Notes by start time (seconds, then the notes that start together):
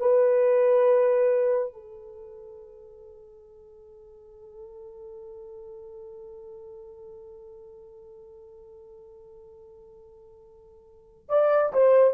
0.00 B4
1.73 A4
11.30 D5
11.73 C5